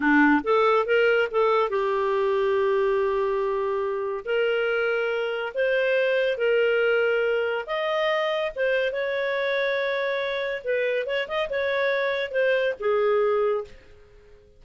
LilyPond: \new Staff \with { instrumentName = "clarinet" } { \time 4/4 \tempo 4 = 141 d'4 a'4 ais'4 a'4 | g'1~ | g'2 ais'2~ | ais'4 c''2 ais'4~ |
ais'2 dis''2 | c''4 cis''2.~ | cis''4 b'4 cis''8 dis''8 cis''4~ | cis''4 c''4 gis'2 | }